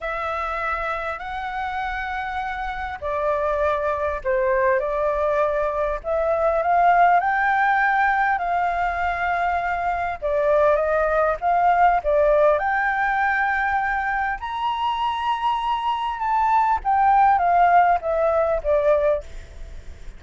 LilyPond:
\new Staff \with { instrumentName = "flute" } { \time 4/4 \tempo 4 = 100 e''2 fis''2~ | fis''4 d''2 c''4 | d''2 e''4 f''4 | g''2 f''2~ |
f''4 d''4 dis''4 f''4 | d''4 g''2. | ais''2. a''4 | g''4 f''4 e''4 d''4 | }